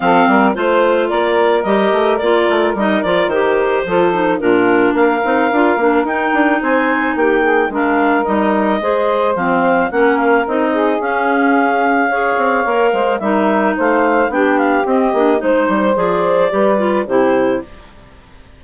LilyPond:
<<
  \new Staff \with { instrumentName = "clarinet" } { \time 4/4 \tempo 4 = 109 f''4 c''4 d''4 dis''4 | d''4 dis''8 d''8 c''2 | ais'4 f''2 g''4 | gis''4 g''4 f''4 dis''4~ |
dis''4 f''4 fis''8 f''8 dis''4 | f''1 | e''4 f''4 g''8 f''8 dis''4 | c''4 d''2 c''4 | }
  \new Staff \with { instrumentName = "saxophone" } { \time 4/4 a'8 ais'8 c''4 ais'2~ | ais'2. a'4 | f'4 ais'2. | c''4 g'8 gis'8 ais'2 |
c''2 ais'4. gis'8~ | gis'2 cis''4. c''8 | ais'4 c''4 g'2 | c''2 b'4 g'4 | }
  \new Staff \with { instrumentName = "clarinet" } { \time 4/4 c'4 f'2 g'4 | f'4 dis'8 f'8 g'4 f'8 dis'8 | d'4. dis'8 f'8 d'8 dis'4~ | dis'2 d'4 dis'4 |
gis'4 c'4 cis'4 dis'4 | cis'2 gis'4 ais'4 | dis'2 d'4 c'8 d'8 | dis'4 gis'4 g'8 f'8 e'4 | }
  \new Staff \with { instrumentName = "bassoon" } { \time 4/4 f8 g8 a4 ais4 g8 a8 | ais8 a8 g8 f8 dis4 f4 | ais,4 ais8 c'8 d'8 ais8 dis'8 d'8 | c'4 ais4 gis4 g4 |
gis4 f4 ais4 c'4 | cis'2~ cis'8 c'8 ais8 gis8 | g4 a4 b4 c'8 ais8 | gis8 g8 f4 g4 c4 | }
>>